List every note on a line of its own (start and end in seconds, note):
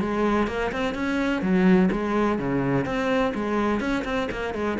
0.00 0.47 G#3
0.47 0.71 A#3
0.72 0.94 C4
0.94 1.41 C#4
1.42 1.89 F#3
1.91 2.38 G#3
2.38 2.85 C#3
2.85 3.33 C4
3.34 3.80 G#3
3.80 4.03 C#4
4.04 4.28 C4
4.31 4.54 A#3
4.54 4.77 G#3